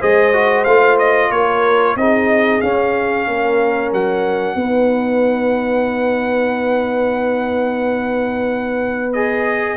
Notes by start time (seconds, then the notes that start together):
0.00 G#3 G#4 C5 D#5
0.33 F#4
0.64 A3 F4 F5
0.99 D#5
1.30 A#3 A#4 C#5
1.96 C4 D#4 G#4 D#5
2.61 C#4 F5
3.27 A#3 A#4
3.92 F#3 F#5
4.55 B3 D#4 B4
9.13 G#4 D#5